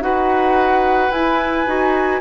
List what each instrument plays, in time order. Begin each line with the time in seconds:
0.00 bassoon D#4, clarinet F#4, oboe B4, flute F#5
1.10 bassoon E4, clarinet E4, flute G#5
1.66 bassoon D#4, clarinet F#4